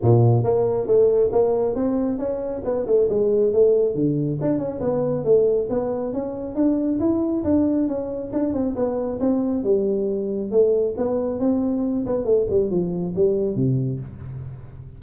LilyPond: \new Staff \with { instrumentName = "tuba" } { \time 4/4 \tempo 4 = 137 ais,4 ais4 a4 ais4 | c'4 cis'4 b8 a8 gis4 | a4 d4 d'8 cis'8 b4 | a4 b4 cis'4 d'4 |
e'4 d'4 cis'4 d'8 c'8 | b4 c'4 g2 | a4 b4 c'4. b8 | a8 g8 f4 g4 c4 | }